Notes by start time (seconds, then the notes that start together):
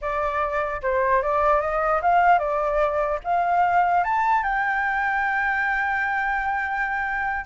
0.01 D5
0.82 C5
1.22 D5
1.60 D#5
2.02 F5
2.38 D5
3.24 F5
4.04 A5
4.43 G5